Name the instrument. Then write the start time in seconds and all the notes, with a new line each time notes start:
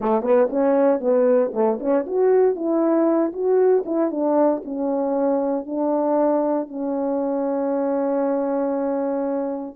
horn
0.00 A3
0.22 B3
0.50 C#4
1.00 B3
1.53 A3
1.79 C#4
2.06 F#4
2.55 E4
3.32 F#4
3.85 E4
4.10 D4
4.64 C#4
5.65 D4
6.68 C#4